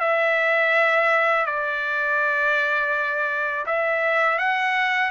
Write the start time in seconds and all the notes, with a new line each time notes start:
0.00 E5
1.46 D5
3.66 E5
4.38 F#5